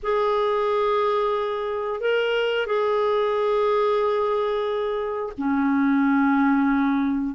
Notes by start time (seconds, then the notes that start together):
0.02 G#4
2.00 A#4
2.66 G#4
5.37 C#4